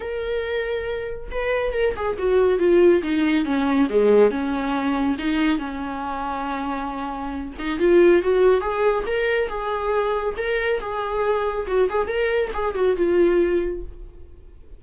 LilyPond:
\new Staff \with { instrumentName = "viola" } { \time 4/4 \tempo 4 = 139 ais'2. b'4 | ais'8 gis'8 fis'4 f'4 dis'4 | cis'4 gis4 cis'2 | dis'4 cis'2.~ |
cis'4. dis'8 f'4 fis'4 | gis'4 ais'4 gis'2 | ais'4 gis'2 fis'8 gis'8 | ais'4 gis'8 fis'8 f'2 | }